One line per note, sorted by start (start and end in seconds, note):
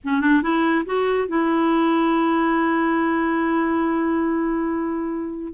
0.03 0.20 C#4
0.20 0.42 D4
0.42 0.84 E4
0.85 1.28 F#4
1.28 5.53 E4